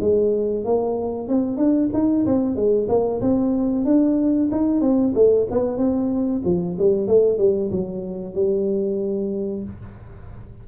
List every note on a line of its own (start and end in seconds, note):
0.00 0.65 G#3
0.65 1.28 A#3
1.28 1.57 C4
1.57 1.89 D4
1.93 2.26 D#4
2.26 2.56 C4
2.56 2.88 G#3
2.88 3.21 A#3
3.21 3.85 C4
3.85 4.49 D4
4.51 4.81 D#4
4.81 5.13 C4
5.14 5.47 A3
5.50 5.77 B3
5.77 6.42 C4
6.44 6.77 F3
6.78 7.07 G3
7.07 7.38 A3
7.38 7.70 G3
7.71 8.34 F#3
8.34 9.63 G3